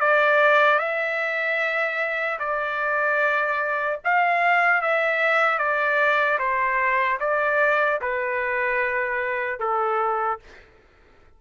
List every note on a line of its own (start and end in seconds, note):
0.00 0.79 D5
0.79 2.39 E5
2.39 3.99 D5
4.04 4.82 F5
4.82 5.59 E5
5.59 6.39 D5
6.39 7.19 C5
7.20 8.00 D5
8.01 9.60 B4
9.60 10.40 A4